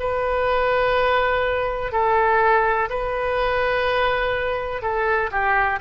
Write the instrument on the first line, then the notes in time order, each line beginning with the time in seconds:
oboe
0.00 B4
1.93 A4
2.90 B4
4.83 A4
5.31 G4